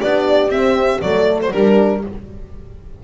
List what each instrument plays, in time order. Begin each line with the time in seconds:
0.00 double bass B3, horn D4 G4, violin D5
0.49 double bass C4, horn C4, violin E5
1.01 double bass F#3, horn A3 A4, violin D5
1.42 violin C5
1.52 double bass G3, horn D4 G4, violin A#4